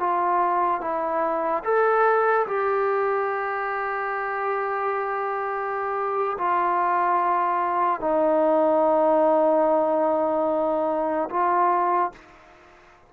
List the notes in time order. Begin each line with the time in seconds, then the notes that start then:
0.00 F4
0.81 E4
1.64 A4
2.47 G4
6.38 F4
8.01 D#4
11.30 F4